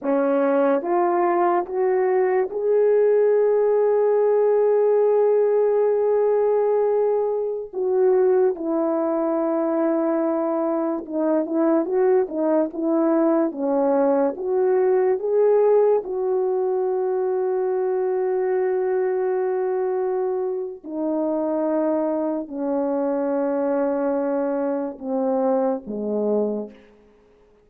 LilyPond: \new Staff \with { instrumentName = "horn" } { \time 4/4 \tempo 4 = 72 cis'4 f'4 fis'4 gis'4~ | gis'1~ | gis'4~ gis'16 fis'4 e'4.~ e'16~ | e'4~ e'16 dis'8 e'8 fis'8 dis'8 e'8.~ |
e'16 cis'4 fis'4 gis'4 fis'8.~ | fis'1~ | fis'4 dis'2 cis'4~ | cis'2 c'4 gis4 | }